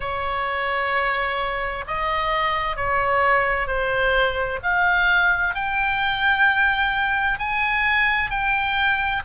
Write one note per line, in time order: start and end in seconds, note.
0.00 1.84 C#5
1.87 2.76 D#5
2.76 3.67 C#5
3.67 4.59 C5
4.62 5.54 F5
5.54 7.38 G5
7.38 8.30 G#5
8.30 9.22 G5